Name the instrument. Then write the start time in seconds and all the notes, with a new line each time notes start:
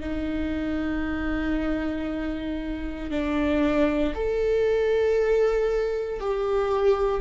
viola
0.00 D#4
3.10 D4
4.15 A4
6.21 G4